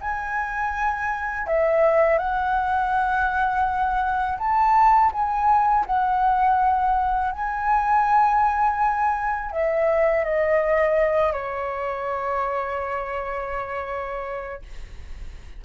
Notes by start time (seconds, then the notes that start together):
0.00 G#5
1.46 E5
2.18 F#5
4.38 A5
5.12 G#5
5.86 F#5
7.31 G#5
9.51 E5
10.24 D#5
11.32 C#5